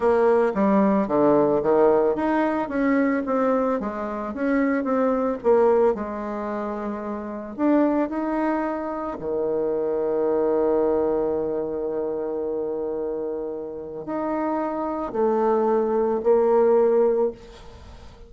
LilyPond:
\new Staff \with { instrumentName = "bassoon" } { \time 4/4 \tempo 4 = 111 ais4 g4 d4 dis4 | dis'4 cis'4 c'4 gis4 | cis'4 c'4 ais4 gis4~ | gis2 d'4 dis'4~ |
dis'4 dis2.~ | dis1~ | dis2 dis'2 | a2 ais2 | }